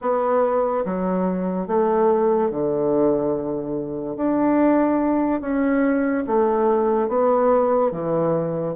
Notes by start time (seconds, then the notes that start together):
0.01 B3
0.85 F#3
1.67 A3
2.50 D3
4.16 D4
5.40 C#4
6.27 A3
7.08 B3
7.91 E3